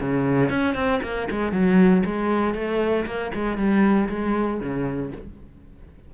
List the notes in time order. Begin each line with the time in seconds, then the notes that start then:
0.00 C#3
0.50 C#4
0.75 C4
1.02 A#3
1.31 G#3
1.52 F#3
2.05 G#3
2.54 A3
3.06 A#3
3.34 G#3
3.57 G3
4.09 G#3
4.60 C#3